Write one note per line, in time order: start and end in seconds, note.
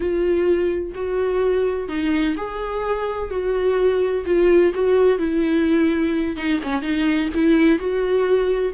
0.00 0.92 F4
0.94 1.88 F#4
1.88 2.35 D#4
2.36 3.30 G#4
3.30 4.25 F#4
4.25 4.73 F4
4.74 5.18 F#4
5.18 6.36 E4
6.36 6.60 D#4
6.63 6.82 C#4
6.82 7.29 D#4
7.34 7.78 E4
7.78 8.73 F#4